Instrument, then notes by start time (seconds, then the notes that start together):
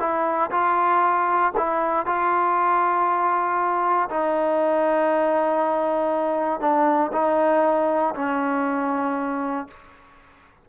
trombone
0.00 E4
0.51 F4
1.58 E4
2.06 F4
4.10 D#4
6.61 D4
7.13 D#4
8.15 C#4